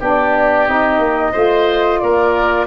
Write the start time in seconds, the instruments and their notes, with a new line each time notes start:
0.00 tuba B3, saxophone D4, oboe G4, flute D5
0.68 tuba C4, saxophone D#4, flute D#5
0.99 tuba A#3
1.32 tuba A3, saxophone F4, oboe C5
2.00 tuba A#3, oboe A#4, flute D5